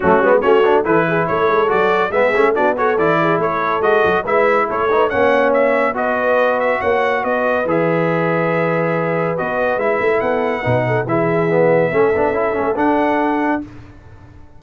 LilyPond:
<<
  \new Staff \with { instrumentName = "trumpet" } { \time 4/4 \tempo 4 = 141 fis'4 cis''4 b'4 cis''4 | d''4 e''4 d''8 cis''8 d''4 | cis''4 dis''4 e''4 cis''4 | fis''4 e''4 dis''4. e''8 |
fis''4 dis''4 e''2~ | e''2 dis''4 e''4 | fis''2 e''2~ | e''2 fis''2 | }
  \new Staff \with { instrumentName = "horn" } { \time 4/4 cis'4 fis'4 a'8 gis'8 a'4~ | a'4 gis'4 fis'8 a'4 gis'8 | a'2 b'4 a'8 b'8 | cis''2 b'2 |
cis''4 b'2.~ | b'1 | a'4 b'8 a'8 gis'2 | a'1 | }
  \new Staff \with { instrumentName = "trombone" } { \time 4/4 a8 b8 cis'8 d'8 e'2 | fis'4 b8 cis'8 d'8 fis'8 e'4~ | e'4 fis'4 e'4. dis'8 | cis'2 fis'2~ |
fis'2 gis'2~ | gis'2 fis'4 e'4~ | e'4 dis'4 e'4 b4 | cis'8 d'8 e'8 cis'8 d'2 | }
  \new Staff \with { instrumentName = "tuba" } { \time 4/4 fis8 gis8 a4 e4 a8 gis8 | fis4 gis8 a8 b4 e4 | a4 gis8 fis8 gis4 a4 | ais2 b2 |
ais4 b4 e2~ | e2 b4 gis8 a8 | b4 b,4 e2 | a8 b8 cis'8 a8 d'2 | }
>>